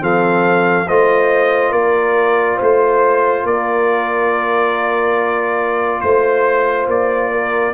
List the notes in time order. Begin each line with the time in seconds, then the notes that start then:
0.00 F3 C4 A4 F5
0.86 A3 F4 C5 D#5
1.70 A#3 A#4 D5
2.55 A3 C5
2.63 C5
3.43 A#3 A#4 D5
6.00 A3 C5
6.86 A#3 D5
7.31 A#4